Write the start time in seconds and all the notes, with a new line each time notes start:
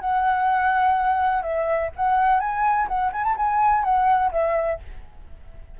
0.00 F#5
1.42 E5
1.96 F#5
2.40 G#5
2.88 F#5
3.13 G#5
3.24 A5
3.37 G#5
3.83 F#5
4.32 E5